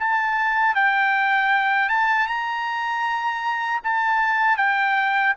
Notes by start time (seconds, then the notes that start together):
0.00 A5
0.76 G5
1.90 A5
2.28 A#5
3.84 A5
4.58 G5